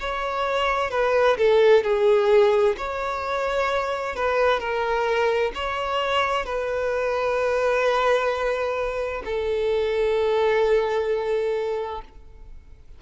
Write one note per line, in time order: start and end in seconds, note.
0.00 0.91 C#5
0.91 1.37 B4
1.38 1.84 A4
1.84 2.76 G#4
2.78 4.16 C#5
4.16 4.60 B4
4.60 5.52 A#4
5.55 6.46 C#5
6.46 9.23 B4
9.25 12.02 A4